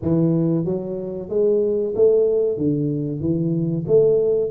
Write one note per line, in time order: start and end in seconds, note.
0.01 0.65 E3
0.65 1.29 F#3
1.29 1.94 G#3
1.95 2.57 A3
2.57 3.20 D3
3.20 3.84 E3
3.87 4.50 A3